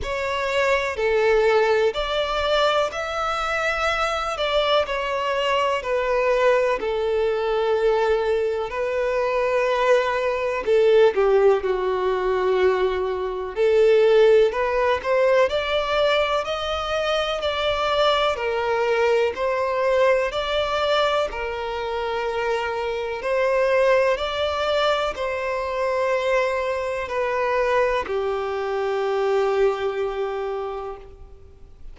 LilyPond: \new Staff \with { instrumentName = "violin" } { \time 4/4 \tempo 4 = 62 cis''4 a'4 d''4 e''4~ | e''8 d''8 cis''4 b'4 a'4~ | a'4 b'2 a'8 g'8 | fis'2 a'4 b'8 c''8 |
d''4 dis''4 d''4 ais'4 | c''4 d''4 ais'2 | c''4 d''4 c''2 | b'4 g'2. | }